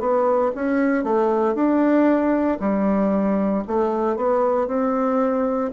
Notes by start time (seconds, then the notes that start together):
0.00 B3
0.55 C#4
1.03 A3
1.55 D4
2.60 G3
3.67 A3
4.16 B3
4.67 C4